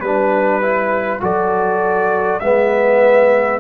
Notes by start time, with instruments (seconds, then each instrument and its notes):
0.00 tuba G3, trombone D4, horn B4, trumpet B4
0.62 trombone E4
1.21 tuba F#3, trombone F#4, horn A4, trumpet D5
2.40 tuba G#3, trombone B3, horn B4, trumpet E5